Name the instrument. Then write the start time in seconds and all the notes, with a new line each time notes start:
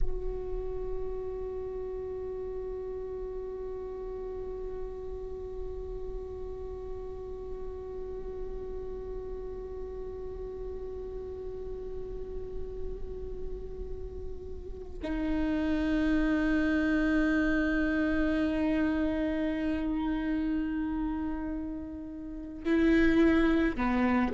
viola
0.00 F#4
15.03 D#4
22.64 E4
23.76 B3